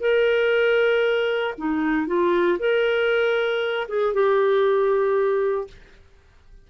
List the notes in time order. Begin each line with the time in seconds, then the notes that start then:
0.00 A#4
1.58 D#4
2.07 F4
2.59 A#4
3.88 G#4
4.14 G4